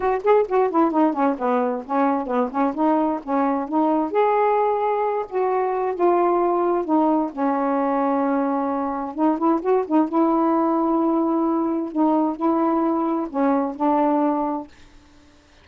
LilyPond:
\new Staff \with { instrumentName = "saxophone" } { \time 4/4 \tempo 4 = 131 fis'8 gis'8 fis'8 e'8 dis'8 cis'8 b4 | cis'4 b8 cis'8 dis'4 cis'4 | dis'4 gis'2~ gis'8 fis'8~ | fis'4 f'2 dis'4 |
cis'1 | dis'8 e'8 fis'8 dis'8 e'2~ | e'2 dis'4 e'4~ | e'4 cis'4 d'2 | }